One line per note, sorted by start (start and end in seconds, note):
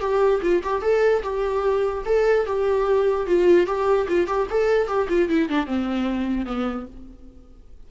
0.00 0.41 G4
0.42 0.62 F4
0.63 0.82 G4
0.82 1.22 A4
1.23 2.04 G4
2.05 2.46 A4
2.46 3.26 G4
3.26 3.66 F4
3.66 4.07 G4
4.08 4.27 F4
4.27 4.47 G4
4.50 4.87 A4
4.87 5.07 G4
5.08 5.29 F4
5.29 5.48 E4
5.48 5.66 D4
5.66 6.45 C4
6.45 6.86 B3